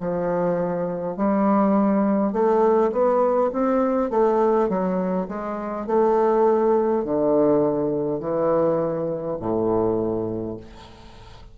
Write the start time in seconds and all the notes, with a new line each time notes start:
0.00 F3
1.17 G3
2.33 A3
2.92 B3
3.53 C4
4.10 A3
4.70 F#3
5.28 G#3
5.87 A3
7.04 D3
8.20 E3
9.40 A2